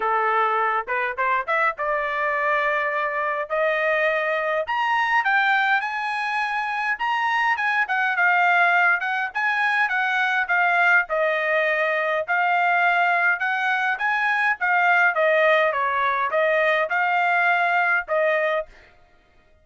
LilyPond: \new Staff \with { instrumentName = "trumpet" } { \time 4/4 \tempo 4 = 103 a'4. b'8 c''8 e''8 d''4~ | d''2 dis''2 | ais''4 g''4 gis''2 | ais''4 gis''8 fis''8 f''4. fis''8 |
gis''4 fis''4 f''4 dis''4~ | dis''4 f''2 fis''4 | gis''4 f''4 dis''4 cis''4 | dis''4 f''2 dis''4 | }